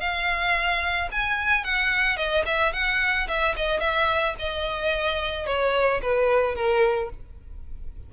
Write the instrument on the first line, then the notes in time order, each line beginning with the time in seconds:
violin
0.00 F5
1.12 G#5
1.64 F#5
2.17 D#5
2.46 E5
2.73 F#5
3.28 E5
3.57 D#5
3.80 E5
4.39 D#5
5.46 C#5
6.02 B4
6.56 A#4